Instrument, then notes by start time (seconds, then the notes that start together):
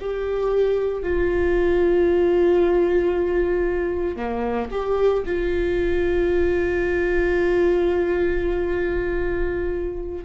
viola
0.00 G4
1.03 F4
4.16 A#3
4.71 G4
5.26 F4